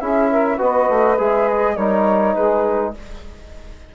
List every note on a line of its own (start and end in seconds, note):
0.00 0.59 C#4
0.00 0.58 E4
0.00 0.30 G#4
0.00 0.59 E5
0.30 0.57 A#4
0.57 0.89 B3
0.57 1.17 F#4
0.57 1.75 B4
0.57 1.19 D#5
0.89 1.18 A3
1.18 1.77 G#3
1.18 1.77 G#4
1.18 1.49 E5
1.49 1.76 D#5
1.76 2.36 G3
1.76 2.95 D#4
1.76 2.35 A#4
1.76 2.35 C#5
2.35 2.95 G#3
2.35 2.94 G#4
2.35 2.93 B4